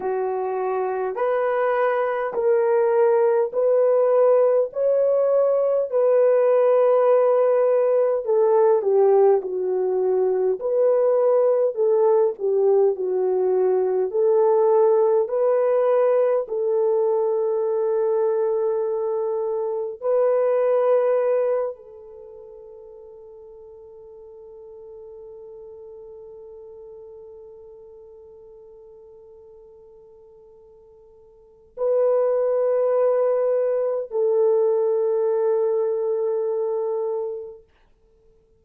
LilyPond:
\new Staff \with { instrumentName = "horn" } { \time 4/4 \tempo 4 = 51 fis'4 b'4 ais'4 b'4 | cis''4 b'2 a'8 g'8 | fis'4 b'4 a'8 g'8 fis'4 | a'4 b'4 a'2~ |
a'4 b'4. a'4.~ | a'1~ | a'2. b'4~ | b'4 a'2. | }